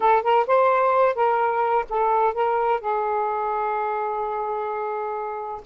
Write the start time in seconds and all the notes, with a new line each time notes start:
0.00 A4
0.22 A#4
0.46 C5
1.15 A#4
1.89 A4
2.34 A#4
2.80 G#4